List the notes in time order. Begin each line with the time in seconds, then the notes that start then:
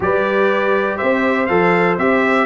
0.00 G3 G4 B4 D5
0.96 C4 C5 E5
1.46 F3 A4 F5
1.98 C4 G4 E5